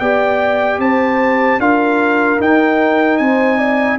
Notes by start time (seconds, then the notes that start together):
0.00 B3 G4 D5 G5
0.79 C4 C5 A5
1.59 D4 F4 A#4 F5
2.39 D#4 G5
3.18 C4 C5 G#5
3.59 D5